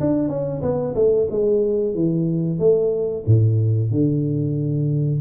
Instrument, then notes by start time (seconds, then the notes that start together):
tuba
0.00 D4
0.28 C#4
0.62 B3
0.95 A3
1.30 G#3
1.94 E3
2.59 A3
3.26 A2
3.91 D3